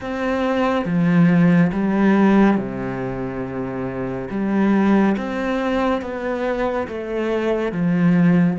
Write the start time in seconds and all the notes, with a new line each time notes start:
0.00 C4
0.85 F3
1.72 G3
2.57 C3
4.30 G3
5.17 C4
6.01 B3
6.87 A3
7.71 F3